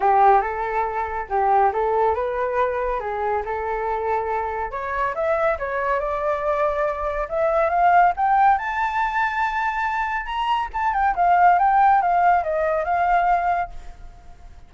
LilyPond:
\new Staff \with { instrumentName = "flute" } { \time 4/4 \tempo 4 = 140 g'4 a'2 g'4 | a'4 b'2 gis'4 | a'2. cis''4 | e''4 cis''4 d''2~ |
d''4 e''4 f''4 g''4 | a''1 | ais''4 a''8 g''8 f''4 g''4 | f''4 dis''4 f''2 | }